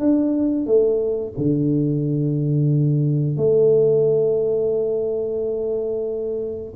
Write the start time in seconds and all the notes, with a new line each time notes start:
0.00 D4
0.67 A3
1.38 D3
3.37 A3